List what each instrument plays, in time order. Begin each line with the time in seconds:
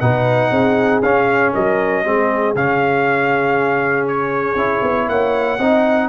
0.00 tuba B2, trombone D#4, horn B4, trumpet F#5
0.50 tuba C4, horn G#4
1.02 tuba C#4, trombone C#4, trumpet F5
1.53 tuba F#3, horn A#4, trumpet D#5
2.04 tuba G#3, trombone C4, horn G#4
2.55 tuba C#3, trombone C#4, trumpet F5
4.07 trumpet C#5
4.55 tuba C#4, trombone E4
4.82 tuba B3
5.08 tuba A#3, horn C#5, trumpet F#5
5.59 tuba C4, trombone D#4, horn D#5